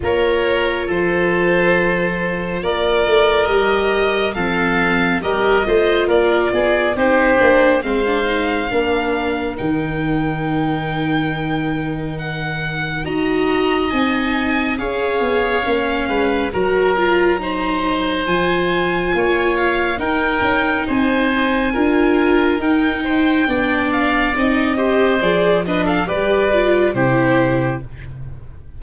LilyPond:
<<
  \new Staff \with { instrumentName = "violin" } { \time 4/4 \tempo 4 = 69 cis''4 c''2 d''4 | dis''4 f''4 dis''4 d''4 | c''4 f''2 g''4~ | g''2 fis''4 ais''4 |
gis''4 f''2 ais''4~ | ais''4 gis''4. f''8 g''4 | gis''2 g''4. f''8 | dis''4 d''8 dis''16 f''16 d''4 c''4 | }
  \new Staff \with { instrumentName = "oboe" } { \time 4/4 ais'4 a'2 ais'4~ | ais'4 a'4 ais'8 c''8 ais'8 gis'8 | g'4 c''4 ais'2~ | ais'2. dis''4~ |
dis''4 cis''4. b'8 ais'4 | c''2 cis''4 ais'4 | c''4 ais'4. c''8 d''4~ | d''8 c''4 b'16 a'16 b'4 g'4 | }
  \new Staff \with { instrumentName = "viola" } { \time 4/4 f'1 | g'4 c'4 g'8 f'4. | dis'8 d'8 c'16 d'16 dis'8 d'4 dis'4~ | dis'2. fis'4 |
dis'4 gis'4 cis'4 fis'8 f'8 | dis'4 f'2 dis'4~ | dis'4 f'4 dis'4 d'4 | dis'8 g'8 gis'8 d'8 g'8 f'8 e'4 | }
  \new Staff \with { instrumentName = "tuba" } { \time 4/4 ais4 f2 ais8 a8 | g4 f4 g8 a8 ais8 b8 | c'8 ais8 gis4 ais4 dis4~ | dis2. dis'4 |
c'4 cis'8 b8 ais8 gis8 fis4~ | fis4 f4 ais4 dis'8 cis'8 | c'4 d'4 dis'4 b4 | c'4 f4 g4 c4 | }
>>